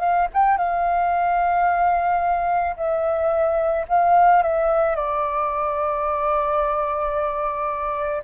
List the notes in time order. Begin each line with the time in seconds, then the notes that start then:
0.00 F5
0.34 G5
0.58 F5
2.77 E5
3.88 F5
4.43 E5
4.95 D5